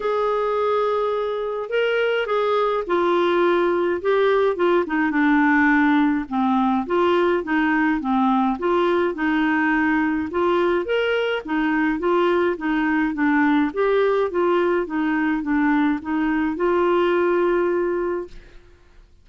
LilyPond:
\new Staff \with { instrumentName = "clarinet" } { \time 4/4 \tempo 4 = 105 gis'2. ais'4 | gis'4 f'2 g'4 | f'8 dis'8 d'2 c'4 | f'4 dis'4 c'4 f'4 |
dis'2 f'4 ais'4 | dis'4 f'4 dis'4 d'4 | g'4 f'4 dis'4 d'4 | dis'4 f'2. | }